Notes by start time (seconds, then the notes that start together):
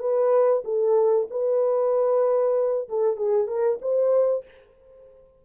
0.00 B4
0.65 A4
1.31 B4
2.89 A4
3.17 G#4
3.48 A#4
3.82 C5